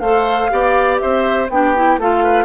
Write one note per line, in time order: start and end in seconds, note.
0.00 0.49 A3
0.00 0.50 A4
0.00 0.51 C5
0.00 0.98 F5
0.50 1.01 B3
0.50 1.48 G4
0.50 1.01 D5
0.99 1.49 C4
0.99 1.51 C5
0.99 1.49 E5
1.49 1.98 B3
1.49 1.76 D4
1.49 2.00 G4
1.49 2.00 G5
1.76 2.00 E4
1.98 2.45 A3
1.98 2.45 F4
1.98 2.24 A4
1.98 2.45 F5
2.24 2.45 B4